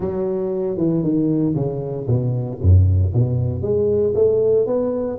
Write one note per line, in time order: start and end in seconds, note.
0.00 0.77 F#3
0.77 1.03 E3
1.03 1.54 D#3
1.55 2.06 C#3
2.07 2.58 B2
2.61 3.13 F#2
3.13 3.62 B2
3.62 4.13 G#3
4.14 4.66 A3
4.66 5.18 B3